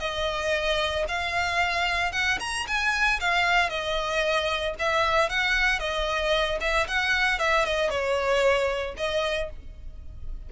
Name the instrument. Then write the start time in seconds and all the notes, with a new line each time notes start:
violin
0.00 D#5
1.09 F5
2.13 F#5
2.40 A#5
2.68 G#5
3.21 F5
3.70 D#5
4.79 E5
5.30 F#5
5.80 D#5
6.61 E5
6.88 F#5
7.39 E5
7.66 D#5
7.90 C#5
8.98 D#5